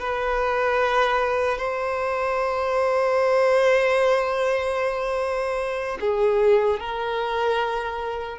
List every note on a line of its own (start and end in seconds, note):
0.00 1.58 B4
1.58 5.98 C5
6.00 6.80 G#4
6.80 8.39 A#4